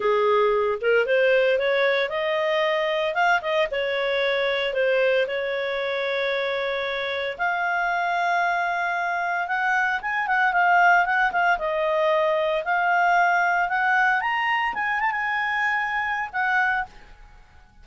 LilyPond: \new Staff \with { instrumentName = "clarinet" } { \time 4/4 \tempo 4 = 114 gis'4. ais'8 c''4 cis''4 | dis''2 f''8 dis''8 cis''4~ | cis''4 c''4 cis''2~ | cis''2 f''2~ |
f''2 fis''4 gis''8 fis''8 | f''4 fis''8 f''8 dis''2 | f''2 fis''4 ais''4 | gis''8 a''16 gis''2~ gis''16 fis''4 | }